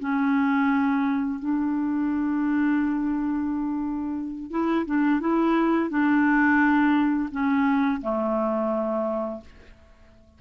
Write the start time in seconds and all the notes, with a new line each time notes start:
0.00 C#4
1.39 D4
4.51 E4
4.86 D4
5.20 E4
5.90 D4
7.31 C#4
8.01 A3